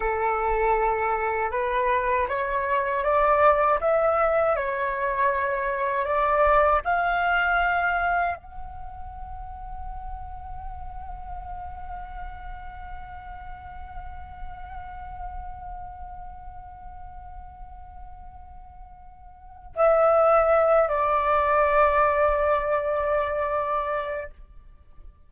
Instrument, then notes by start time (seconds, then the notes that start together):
flute
0.00 A4
1.51 B4
2.28 C#5
3.03 D5
3.80 E5
4.56 C#5
6.05 D5
6.84 F5
8.35 F#5
19.75 E5
20.88 D5